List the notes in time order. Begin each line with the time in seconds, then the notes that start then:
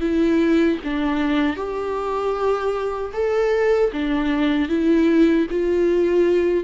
0.00 E4
0.84 D4
1.56 G4
3.13 A4
3.92 D4
4.69 E4
5.50 F4